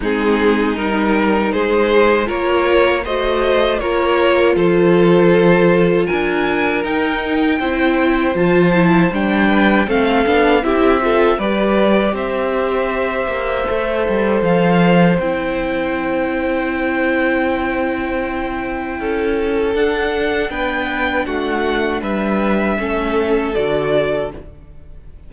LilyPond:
<<
  \new Staff \with { instrumentName = "violin" } { \time 4/4 \tempo 4 = 79 gis'4 ais'4 c''4 cis''4 | dis''4 cis''4 c''2 | gis''4 g''2 a''4 | g''4 f''4 e''4 d''4 |
e''2. f''4 | g''1~ | g''2 fis''4 g''4 | fis''4 e''2 d''4 | }
  \new Staff \with { instrumentName = "violin" } { \time 4/4 dis'2 gis'4 ais'4 | c''4 ais'4 a'2 | ais'2 c''2~ | c''8 b'8 a'4 g'8 a'8 b'4 |
c''1~ | c''1~ | c''4 a'2 b'4 | fis'4 b'4 a'2 | }
  \new Staff \with { instrumentName = "viola" } { \time 4/4 c'4 dis'2 f'4 | fis'4 f'2.~ | f'4 dis'4 e'4 f'8 e'8 | d'4 c'8 d'8 e'8 f'8 g'4~ |
g'2 a'2 | e'1~ | e'2 d'2~ | d'2 cis'4 fis'4 | }
  \new Staff \with { instrumentName = "cello" } { \time 4/4 gis4 g4 gis4 ais4 | a4 ais4 f2 | d'4 dis'4 c'4 f4 | g4 a8 b8 c'4 g4 |
c'4. ais8 a8 g8 f4 | c'1~ | c'4 cis'4 d'4 b4 | a4 g4 a4 d4 | }
>>